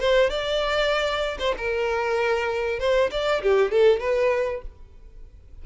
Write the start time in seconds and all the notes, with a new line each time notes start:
0.00 C5
0.30 D5
1.39 C5
1.57 A#4
2.79 C5
3.11 D5
3.42 G4
3.71 A4
4.00 B4